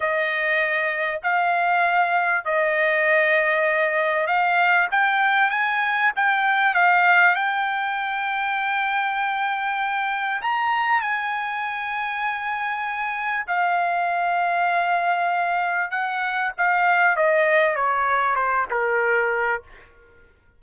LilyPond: \new Staff \with { instrumentName = "trumpet" } { \time 4/4 \tempo 4 = 98 dis''2 f''2 | dis''2. f''4 | g''4 gis''4 g''4 f''4 | g''1~ |
g''4 ais''4 gis''2~ | gis''2 f''2~ | f''2 fis''4 f''4 | dis''4 cis''4 c''8 ais'4. | }